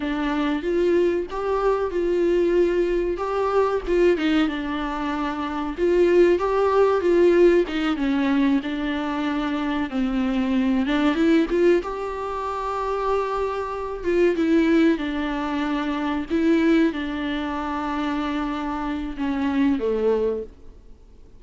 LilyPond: \new Staff \with { instrumentName = "viola" } { \time 4/4 \tempo 4 = 94 d'4 f'4 g'4 f'4~ | f'4 g'4 f'8 dis'8 d'4~ | d'4 f'4 g'4 f'4 | dis'8 cis'4 d'2 c'8~ |
c'4 d'8 e'8 f'8 g'4.~ | g'2 f'8 e'4 d'8~ | d'4. e'4 d'4.~ | d'2 cis'4 a4 | }